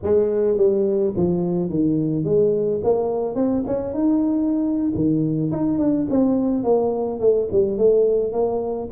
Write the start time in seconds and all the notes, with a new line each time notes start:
0.02 G#3
0.57 G3
1.16 F3
1.69 D#3
2.24 G#3
2.83 A#3
3.35 C4
3.66 C#4
3.93 D#4
4.94 D#3
5.51 D#4
5.78 D4
6.10 C4
6.63 A#3
7.20 A3
7.52 G3
7.77 A3
8.32 A#3